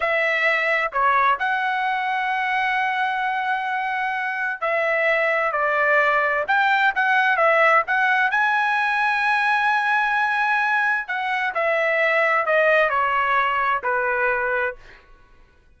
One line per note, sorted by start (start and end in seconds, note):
0.00 0.91 E5
0.92 1.38 C#5
1.39 4.60 F#5
4.60 5.52 E5
5.52 6.44 D5
6.47 6.93 G5
6.95 7.36 F#5
7.36 7.82 E5
7.87 8.31 F#5
8.31 11.07 G#5
11.07 11.53 F#5
11.54 12.46 E5
12.46 12.89 D#5
12.89 13.81 C#5
13.83 14.75 B4